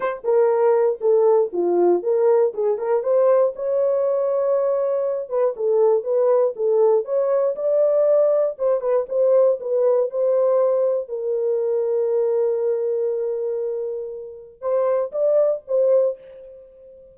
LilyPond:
\new Staff \with { instrumentName = "horn" } { \time 4/4 \tempo 4 = 119 c''8 ais'4. a'4 f'4 | ais'4 gis'8 ais'8 c''4 cis''4~ | cis''2~ cis''8 b'8 a'4 | b'4 a'4 cis''4 d''4~ |
d''4 c''8 b'8 c''4 b'4 | c''2 ais'2~ | ais'1~ | ais'4 c''4 d''4 c''4 | }